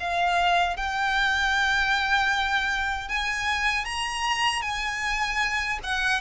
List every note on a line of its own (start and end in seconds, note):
0.00 0.77 F5
0.77 3.09 G5
3.09 3.85 G#5
3.85 4.62 A#5
4.62 5.79 G#5
5.83 6.21 F#5